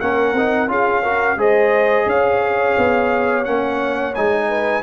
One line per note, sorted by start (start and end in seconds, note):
0.00 0.33 A#3
0.00 0.35 C#4
0.00 0.71 A#4
0.00 0.69 F#5
0.33 0.67 C4
0.33 0.68 D#4
0.67 1.36 C#4
0.67 1.02 F4
0.67 1.03 G#4
0.67 1.40 F5
1.03 1.38 F#4
1.03 1.37 A#4
1.36 2.05 G#3
1.36 3.45 G#4
1.36 2.07 C5
1.36 2.09 D#5
2.06 2.75 C#4
2.06 4.48 C#5
2.06 3.44 F5
2.77 3.46 B3
3.44 4.15 A#3
3.44 4.14 C#4
3.44 4.13 F#5
4.14 4.82 G#3
4.14 4.82 D#4
4.14 4.82 G#5
4.48 4.82 B4